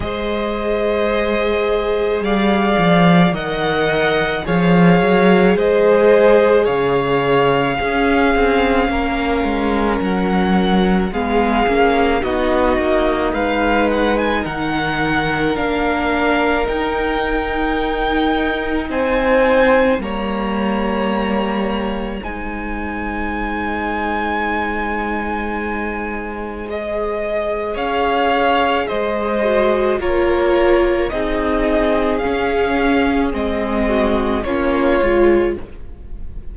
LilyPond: <<
  \new Staff \with { instrumentName = "violin" } { \time 4/4 \tempo 4 = 54 dis''2 f''4 fis''4 | f''4 dis''4 f''2~ | f''4 fis''4 f''4 dis''4 | f''8 fis''16 gis''16 fis''4 f''4 g''4~ |
g''4 gis''4 ais''2 | gis''1 | dis''4 f''4 dis''4 cis''4 | dis''4 f''4 dis''4 cis''4 | }
  \new Staff \with { instrumentName = "violin" } { \time 4/4 c''2 d''4 dis''4 | cis''4 c''4 cis''4 gis'4 | ais'2 gis'4 fis'4 | b'4 ais'2.~ |
ais'4 c''4 cis''2 | c''1~ | c''4 cis''4 c''4 ais'4 | gis'2~ gis'8 fis'8 f'4 | }
  \new Staff \with { instrumentName = "viola" } { \time 4/4 gis'2. ais'4 | gis'2. cis'4~ | cis'2 b8 cis'8 dis'4~ | dis'2 d'4 dis'4~ |
dis'2 ais2 | dis'1 | gis'2~ gis'8 fis'8 f'4 | dis'4 cis'4 c'4 cis'8 f'8 | }
  \new Staff \with { instrumentName = "cello" } { \time 4/4 gis2 g8 f8 dis4 | f8 fis8 gis4 cis4 cis'8 c'8 | ais8 gis8 fis4 gis8 ais8 b8 ais8 | gis4 dis4 ais4 dis'4~ |
dis'4 c'4 g2 | gis1~ | gis4 cis'4 gis4 ais4 | c'4 cis'4 gis4 ais8 gis8 | }
>>